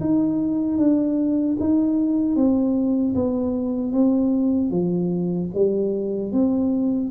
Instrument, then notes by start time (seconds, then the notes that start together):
tuba
0.00 D#4
0.78 D4
1.59 D#4
2.36 C4
3.15 B3
3.92 C4
4.70 F3
5.54 G3
6.32 C4